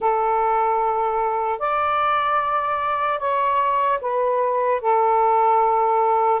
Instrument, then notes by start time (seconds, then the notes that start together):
saxophone
0.00 A4
1.59 D5
3.19 C#5
4.01 B4
4.81 A4